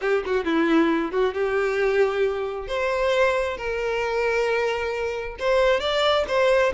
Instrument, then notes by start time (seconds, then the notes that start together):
violin
0.01 G4
0.25 F#4
0.44 E4
1.11 F#4
1.34 G4
2.67 C5
3.57 A#4
5.39 C5
5.80 D5
6.28 C5